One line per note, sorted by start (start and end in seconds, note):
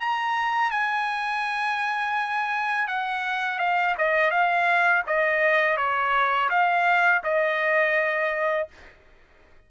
0.00 0.71 A#5
0.71 2.88 G#5
2.88 3.59 F#5
3.59 3.95 F5
3.98 4.30 D#5
4.30 5.03 F5
5.06 5.77 D#5
5.77 6.49 C#5
6.49 7.22 F5
7.23 8.68 D#5